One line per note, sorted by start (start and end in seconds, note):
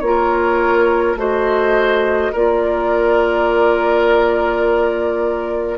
0.00 1.15 A#3
0.00 1.17 F4
0.00 1.15 C#5
0.06 1.19 A#4
1.15 2.31 A3
1.15 2.32 F#4
1.15 2.32 C5
1.15 2.33 D#5
2.32 5.78 A#3
2.32 5.78 F4
2.32 5.78 A#4
2.32 5.78 D5